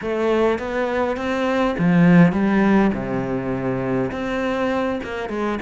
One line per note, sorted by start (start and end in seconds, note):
0.01 0.59 A3
0.59 1.16 B3
1.16 1.75 C4
1.78 2.32 F3
2.32 2.91 G3
2.93 4.11 C3
4.11 5.00 C4
5.03 5.29 A#3
5.29 5.58 G#3